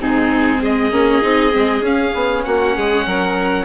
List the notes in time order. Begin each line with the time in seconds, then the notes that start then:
0.00 G#2 C4 D#4 G#4
0.60 G#3 G#4 D#5
0.91 A#3 C#4
1.22 C4 D#4
1.51 G#3 C4
1.81 C#4 F5
2.14 B3
2.44 A#3 F#4 F#5
2.76 G#3 G#4
3.06 F#3 A#4